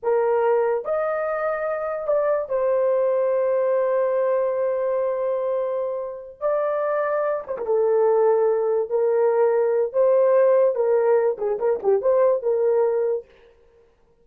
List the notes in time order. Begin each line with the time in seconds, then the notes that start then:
0.02 A#4
0.84 D#5
2.07 D5
2.48 C5
6.40 D5
7.47 C5
7.57 A#4
7.66 A4
8.89 A#4
9.93 C5
10.75 A#4
11.38 G#4
11.58 A#4
11.83 G4
12.01 C5
12.42 A#4